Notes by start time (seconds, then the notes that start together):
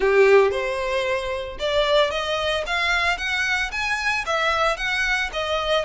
0.00 G4
0.51 C5
1.59 D5
2.10 D#5
2.66 F5
3.17 F#5
3.71 G#5
4.26 E5
4.76 F#5
5.32 D#5